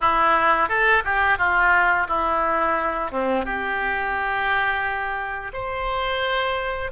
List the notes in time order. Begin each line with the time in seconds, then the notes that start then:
0.00 E4
0.68 A4
1.04 G4
1.38 F4
2.07 E4
3.11 C4
3.45 G4
5.53 C5